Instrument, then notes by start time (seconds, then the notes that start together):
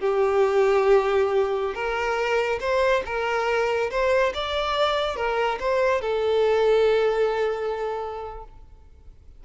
violin
0.00 G4
1.75 A#4
2.60 C5
3.06 A#4
3.91 C5
4.34 D5
5.16 A#4
5.59 C5
6.01 A4